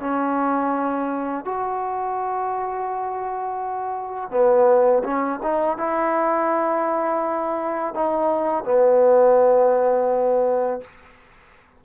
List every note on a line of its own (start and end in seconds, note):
0.00 1.45 C#4
1.45 4.31 F#4
4.31 5.03 B3
5.03 5.40 C#4
5.43 5.78 D#4
5.78 7.95 E4
7.95 8.65 D#4
8.65 10.81 B3